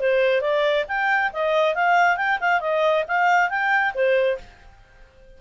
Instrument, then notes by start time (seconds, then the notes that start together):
clarinet
0.00 C5
0.41 D5
0.88 G5
1.33 D#5
1.75 F5
2.17 G5
2.40 F5
2.60 D#5
3.08 F5
3.49 G5
3.94 C5